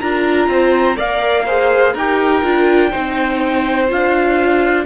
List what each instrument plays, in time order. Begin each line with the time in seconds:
0.00 cello D4, viola F4, violin A#4, trumpet A#5
0.48 cello C4, violin C5
0.96 cello A#3, viola A#4, violin D5, trumpet F5
1.45 viola G#4, violin C5
1.93 cello D#4, viola G4, violin A#4, trumpet G5
2.43 cello D4, viola F4
2.91 cello C4, viola D#4, violin C5
3.88 cello D4, viola F4, trumpet F5